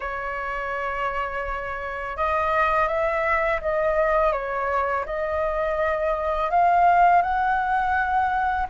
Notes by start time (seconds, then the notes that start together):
0.00 C#5
2.17 D#5
2.88 E5
3.61 D#5
4.32 C#5
5.05 D#5
6.50 F5
7.22 F#5